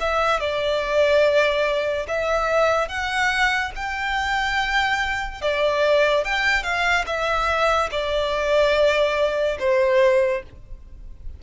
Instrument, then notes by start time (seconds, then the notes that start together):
violin
0.00 E5
0.40 D5
2.08 E5
2.89 F#5
3.76 G5
5.42 D5
6.25 G5
6.64 F5
7.06 E5
7.91 D5
9.59 C5